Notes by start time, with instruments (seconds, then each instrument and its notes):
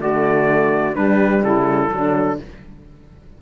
0.00 cello D3, horn A3, saxophone F#4, trumpet D5
0.94 horn G3, cello G3, saxophone D4, trumpet B4
1.42 cello C#3, saxophone E4, trumpet A4
1.90 cello D3, horn F#3, saxophone D4